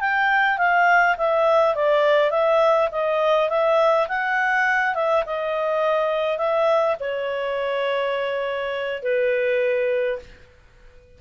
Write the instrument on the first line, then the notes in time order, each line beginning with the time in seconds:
clarinet
0.00 G5
0.58 F5
1.18 E5
1.75 D5
2.31 E5
2.91 D#5
3.49 E5
4.08 F#5
4.95 E5
5.26 D#5
6.38 E5
7.00 C#5
9.03 B4